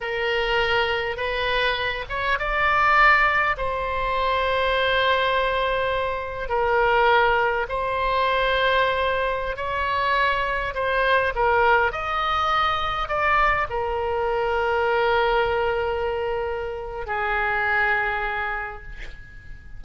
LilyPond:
\new Staff \with { instrumentName = "oboe" } { \time 4/4 \tempo 4 = 102 ais'2 b'4. cis''8 | d''2 c''2~ | c''2. ais'4~ | ais'4 c''2.~ |
c''16 cis''2 c''4 ais'8.~ | ais'16 dis''2 d''4 ais'8.~ | ais'1~ | ais'4 gis'2. | }